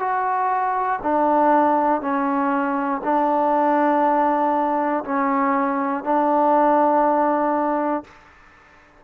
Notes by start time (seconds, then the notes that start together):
0.00 F#4
1.03 D4
2.01 C#4
3.04 D4
5.05 C#4
6.05 D4